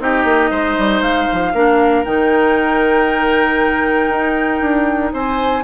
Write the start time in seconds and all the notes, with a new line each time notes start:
0.00 C4 D#4 G4 D#5
0.25 A#3
0.51 G#3 C5
0.78 G3
1.02 G#3 F5
1.33 F3
1.54 A#3 D4 A#4
2.05 D#3 D#4 G5
4.10 D#4
4.61 D4
5.13 C4 C5 G#5